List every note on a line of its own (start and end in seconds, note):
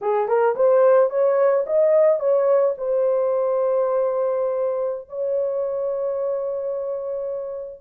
0.01 0.28 G#4
0.28 0.55 A#4
0.55 1.10 C5
1.10 1.65 C#5
1.66 2.19 D#5
2.19 2.74 C#5
2.77 5.08 C5
5.08 7.80 C#5